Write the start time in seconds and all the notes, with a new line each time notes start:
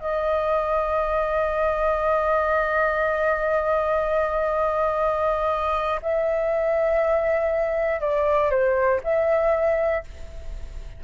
0.00 D#5
6.02 E5
8.00 D5
8.50 C5
9.03 E5